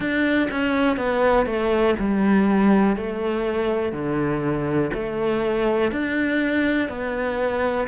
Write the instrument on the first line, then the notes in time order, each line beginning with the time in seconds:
cello
0.00 D4
0.50 C#4
0.96 B3
1.46 A3
1.99 G3
2.96 A3
3.92 D3
4.93 A3
5.91 D4
6.89 B3